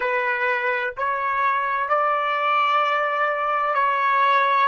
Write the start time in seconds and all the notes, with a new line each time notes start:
0.00 B4
0.97 C#5
1.88 D5
3.74 C#5